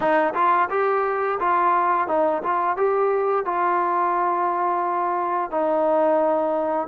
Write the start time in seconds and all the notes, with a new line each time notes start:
0.00 D#4
0.34 F4
0.70 G4
1.39 F4
2.07 D#4
2.43 F4
2.76 G4
3.45 F4
5.50 D#4